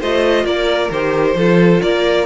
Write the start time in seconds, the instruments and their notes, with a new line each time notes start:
0.00 cello A3, viola F4, violin C5 D#5
0.44 cello A#3, violin A#4 D5
0.90 cello D#3, viola G4, violin C5
1.35 cello F3, viola F4, violin A4
1.81 cello A#3, violin A#4 D5